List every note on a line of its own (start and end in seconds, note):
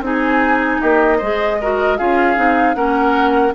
0.00 0.78 C4
0.00 1.20 D#4
0.00 0.81 G#4
0.00 0.81 G#5
0.81 1.21 A#3
0.81 1.17 G4
0.81 1.97 D#5
1.17 1.99 G#3
1.17 1.60 G#4
1.17 1.56 C5
1.60 1.98 F#4
1.60 1.98 A#4
1.97 2.36 C#4
1.97 2.35 F4
1.97 2.76 G#4
1.97 2.74 F5
2.35 2.74 C4
2.35 2.74 D#4
2.74 3.52 A#3
2.74 3.52 C#4
2.74 3.54 A#4
2.74 3.52 F#5